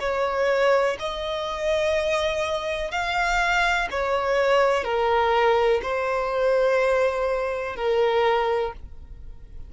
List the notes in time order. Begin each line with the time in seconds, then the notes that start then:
0.00 C#5
0.99 D#5
2.91 F5
3.91 C#5
4.84 A#4
5.82 C5
7.76 A#4